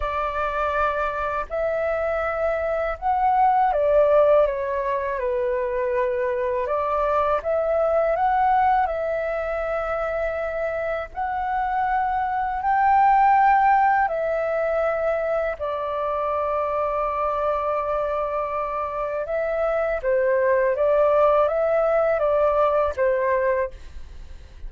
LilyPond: \new Staff \with { instrumentName = "flute" } { \time 4/4 \tempo 4 = 81 d''2 e''2 | fis''4 d''4 cis''4 b'4~ | b'4 d''4 e''4 fis''4 | e''2. fis''4~ |
fis''4 g''2 e''4~ | e''4 d''2.~ | d''2 e''4 c''4 | d''4 e''4 d''4 c''4 | }